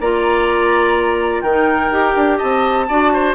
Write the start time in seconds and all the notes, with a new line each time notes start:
0.00 A#3 F4 D5 A#5
1.41 D#3 A#4 G5
1.48 D#4
1.90 D#4 G4
2.16 D4
2.38 C4 D#5 A5
2.88 D4 F#4 D5
3.13 C5